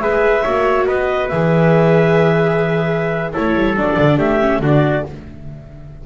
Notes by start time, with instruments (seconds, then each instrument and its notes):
0.00 double bass G#3, viola G#4, trumpet B4, clarinet E5
0.44 double bass A#3, viola F#4, trumpet C#5
0.86 double bass B3, trumpet B4, clarinet D#5
1.29 double bass E3, viola G#4, clarinet E5
3.33 double bass A3, viola E4, trumpet A4, clarinet C#5
3.55 double bass G3
3.77 double bass F#3, viola D4, clarinet D5
3.99 double bass D3
4.18 double bass A3, trumpet G4, clarinet E5
4.41 viola C#4
4.60 double bass D3, viola D4, trumpet F#4, clarinet D5